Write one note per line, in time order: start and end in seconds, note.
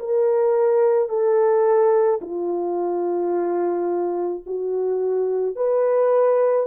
0.00 1.09 A#4
1.09 2.20 A4
2.22 4.44 F4
4.46 5.56 F#4
5.56 6.67 B4